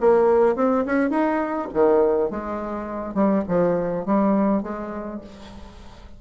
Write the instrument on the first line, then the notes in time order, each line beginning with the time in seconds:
bassoon
0.00 A#3
0.56 C4
0.86 C#4
1.10 D#4
1.74 D#3
2.30 G#3
3.14 G3
3.48 F3
4.05 G3
4.63 G#3